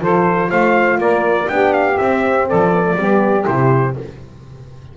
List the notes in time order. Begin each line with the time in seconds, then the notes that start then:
0.00 F3 F4 A4 C5
0.50 A3 C5 F5
0.98 A#3 A#4 D5
1.48 B3 D4 G4 G5
1.73 F5
1.98 C4 E5
2.47 F3 A4 D5
2.72 B3
2.84 A3
2.96 G3 B3 G4
3.45 C3 E4 C5